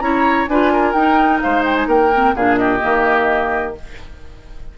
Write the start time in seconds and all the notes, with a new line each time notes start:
0.00 C#4 E4 C#5 A#5
0.48 D4 F4 B4 G#5
0.73 A#4
0.93 D#4 G5
1.41 G#3 C5 F5
1.65 G5
1.76 G#5
1.87 A#3 A#4 G5
2.13 C4
2.36 A#2 D4 G#4 F5
2.57 G4 D#5
2.81 D#3 A#3